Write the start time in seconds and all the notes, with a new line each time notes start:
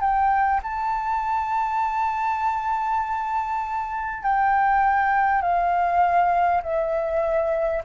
0.00 G5
0.62 A5
4.23 G5
5.42 F5
6.62 E5